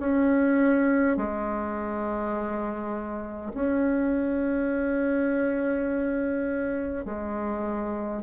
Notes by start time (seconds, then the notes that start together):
0.00 C#4
1.17 G#3
3.55 C#4
7.05 G#3